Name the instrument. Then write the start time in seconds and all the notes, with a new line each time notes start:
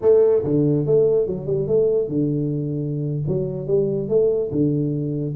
tuba
0.01 A3
0.44 D3
0.86 A3
1.26 F#3
1.46 G3
1.67 A3
2.08 D3
3.27 F#3
3.67 G3
4.08 A3
4.51 D3